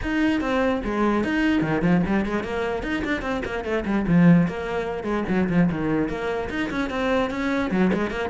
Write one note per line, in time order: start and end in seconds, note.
0.02 0.40 D#4
0.40 0.81 C4
0.84 1.24 G#3
1.24 1.61 D#4
1.61 1.82 D#3
1.82 2.02 F3
2.06 2.25 G3
2.25 2.43 G#3
2.43 2.82 A#3
2.82 3.03 D#4
3.04 3.21 D4
3.21 3.42 C4
3.45 3.64 A#3
3.64 3.84 A3
3.85 4.05 G3
4.07 4.47 F3
4.47 5.03 A#3
5.03 5.24 G#3
5.28 5.48 F#3
5.49 5.69 F3
5.71 6.08 D#3
6.08 6.49 A#3
6.49 6.69 D#4
6.70 6.90 C#4
6.90 7.30 C4
7.30 7.70 C#4
7.70 7.91 F#3
7.93 8.10 G#3
8.10 8.29 A#3